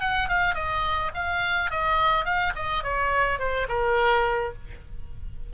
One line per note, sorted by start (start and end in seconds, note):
0.00 0.28 F#5
0.29 0.55 F5
0.55 1.11 D#5
1.14 1.70 F5
1.70 2.25 D#5
2.25 2.53 F5
2.55 2.83 D#5
2.83 3.39 C#5
3.39 3.67 C5
3.68 4.53 A#4